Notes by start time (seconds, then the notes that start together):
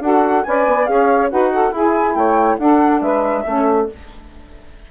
0.00 D4 F#4 A4 F#5
0.43 C#4 B4 D5 G#5
0.66 B3
0.85 C#4 G#4 C#5 F5
1.29 D#4 F#4 B4 F#5
1.52 A4
1.71 E4 G#4 G#5
2.14 A3 C#5 G5
2.58 D4 A4 F#5
3.01 G#3 B4 E5
3.45 A3 C#4 A4